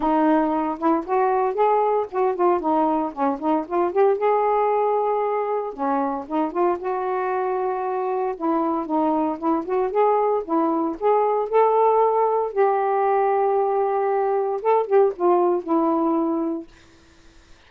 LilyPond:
\new Staff \with { instrumentName = "saxophone" } { \time 4/4 \tempo 4 = 115 dis'4. e'8 fis'4 gis'4 | fis'8 f'8 dis'4 cis'8 dis'8 f'8 g'8 | gis'2. cis'4 | dis'8 f'8 fis'2. |
e'4 dis'4 e'8 fis'8 gis'4 | e'4 gis'4 a'2 | g'1 | a'8 g'8 f'4 e'2 | }